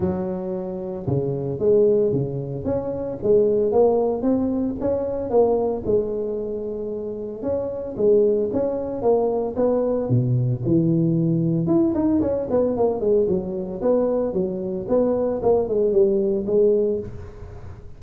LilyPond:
\new Staff \with { instrumentName = "tuba" } { \time 4/4 \tempo 4 = 113 fis2 cis4 gis4 | cis4 cis'4 gis4 ais4 | c'4 cis'4 ais4 gis4~ | gis2 cis'4 gis4 |
cis'4 ais4 b4 b,4 | e2 e'8 dis'8 cis'8 b8 | ais8 gis8 fis4 b4 fis4 | b4 ais8 gis8 g4 gis4 | }